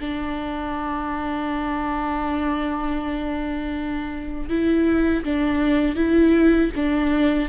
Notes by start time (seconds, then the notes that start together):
0.00 D4
4.49 E4
5.24 D4
5.95 E4
6.75 D4